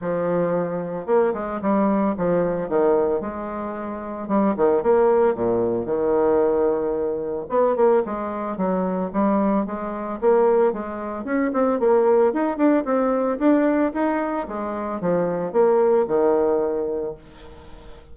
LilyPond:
\new Staff \with { instrumentName = "bassoon" } { \time 4/4 \tempo 4 = 112 f2 ais8 gis8 g4 | f4 dis4 gis2 | g8 dis8 ais4 ais,4 dis4~ | dis2 b8 ais8 gis4 |
fis4 g4 gis4 ais4 | gis4 cis'8 c'8 ais4 dis'8 d'8 | c'4 d'4 dis'4 gis4 | f4 ais4 dis2 | }